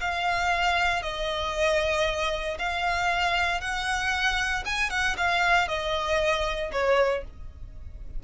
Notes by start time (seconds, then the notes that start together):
0.00 F5
1.02 D#5
2.58 F5
3.60 F#5
4.65 G#5
4.90 F#5
5.17 F5
5.68 D#5
6.71 C#5